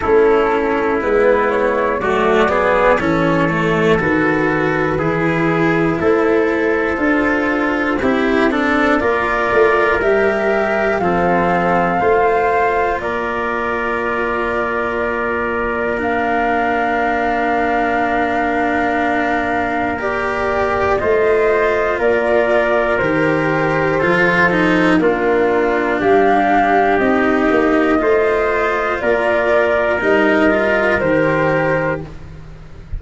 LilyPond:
<<
  \new Staff \with { instrumentName = "flute" } { \time 4/4 \tempo 4 = 60 a'4 b'8 cis''8 d''4 cis''4 | b'2 c''2~ | c''4 d''4 e''4 f''4~ | f''4 d''2. |
f''1 | d''4 dis''4 d''4 c''4~ | c''4 ais'4 f''4 dis''4~ | dis''4 d''4 dis''4 c''4 | }
  \new Staff \with { instrumentName = "trumpet" } { \time 4/4 e'2 fis'8 gis'8 a'4~ | a'4 gis'4 a'2 | g'8 a'8 ais'2 a'4 | c''4 ais'2.~ |
ais'1~ | ais'4 c''4 ais'2 | a'4 f'4 g'2 | c''4 ais'2. | }
  \new Staff \with { instrumentName = "cello" } { \time 4/4 cis'4 b4 a8 b8 cis'8 a8 | fis'4 e'2 f'4 | e'8 d'8 f'4 g'4 c'4 | f'1 |
d'1 | g'4 f'2 g'4 | f'8 dis'8 d'2 dis'4 | f'2 dis'8 f'8 g'4 | }
  \new Staff \with { instrumentName = "tuba" } { \time 4/4 a4 gis4 fis4 e4 | dis4 e4 a4 d'4 | c'4 ais8 a8 g4 f4 | a4 ais2.~ |
ais1~ | ais4 a4 ais4 dis4 | f4 ais4 g4 c'8 ais8 | a4 ais4 g4 dis4 | }
>>